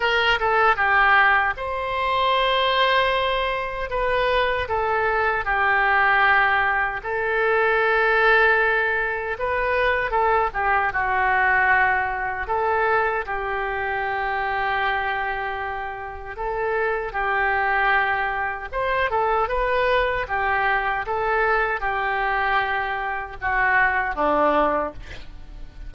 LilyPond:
\new Staff \with { instrumentName = "oboe" } { \time 4/4 \tempo 4 = 77 ais'8 a'8 g'4 c''2~ | c''4 b'4 a'4 g'4~ | g'4 a'2. | b'4 a'8 g'8 fis'2 |
a'4 g'2.~ | g'4 a'4 g'2 | c''8 a'8 b'4 g'4 a'4 | g'2 fis'4 d'4 | }